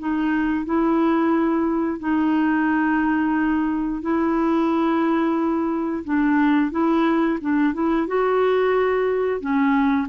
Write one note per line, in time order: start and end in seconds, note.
0.00 0.66 D#4
0.66 2.00 E4
2.00 4.02 D#4
4.02 6.05 E4
6.05 6.72 D4
6.72 7.39 E4
7.41 7.74 D4
7.74 8.07 E4
8.07 9.41 F#4
9.41 10.08 C#4